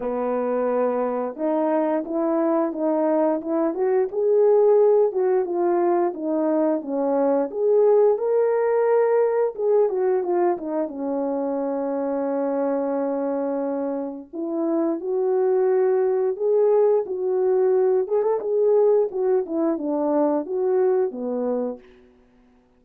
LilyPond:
\new Staff \with { instrumentName = "horn" } { \time 4/4 \tempo 4 = 88 b2 dis'4 e'4 | dis'4 e'8 fis'8 gis'4. fis'8 | f'4 dis'4 cis'4 gis'4 | ais'2 gis'8 fis'8 f'8 dis'8 |
cis'1~ | cis'4 e'4 fis'2 | gis'4 fis'4. gis'16 a'16 gis'4 | fis'8 e'8 d'4 fis'4 b4 | }